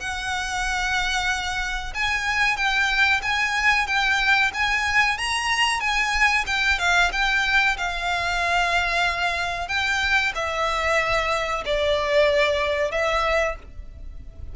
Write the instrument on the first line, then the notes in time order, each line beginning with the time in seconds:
violin
0.00 F#5
1.94 G#5
2.57 G5
3.22 G#5
3.87 G5
4.54 G#5
5.18 A#5
5.80 G#5
6.47 G5
6.79 F5
7.13 G5
7.77 F5
9.68 G5
10.35 E5
11.66 D5
12.91 E5